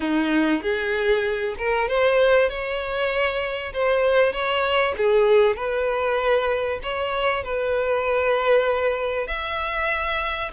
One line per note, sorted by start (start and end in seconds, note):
0.00 0.62 D#4
0.62 1.55 G#4
1.58 1.88 A#4
1.88 2.49 C5
2.49 3.73 C#5
3.73 4.32 C5
4.32 4.94 C#5
4.97 5.56 G#4
5.56 6.79 B4
6.82 7.43 C#5
7.43 9.27 B4
9.27 10.51 E5